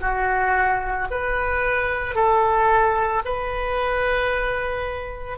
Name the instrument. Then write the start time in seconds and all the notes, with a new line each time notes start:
oboe
0.00 F#4
1.10 B4
2.15 A4
3.25 B4